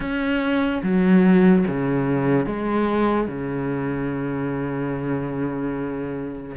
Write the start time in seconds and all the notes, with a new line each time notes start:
0.00 C#4
0.82 F#3
1.67 C#3
2.46 G#3
3.27 C#3